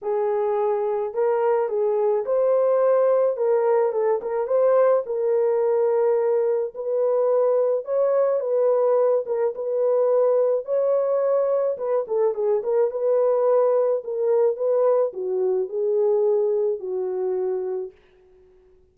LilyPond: \new Staff \with { instrumentName = "horn" } { \time 4/4 \tempo 4 = 107 gis'2 ais'4 gis'4 | c''2 ais'4 a'8 ais'8 | c''4 ais'2. | b'2 cis''4 b'4~ |
b'8 ais'8 b'2 cis''4~ | cis''4 b'8 a'8 gis'8 ais'8 b'4~ | b'4 ais'4 b'4 fis'4 | gis'2 fis'2 | }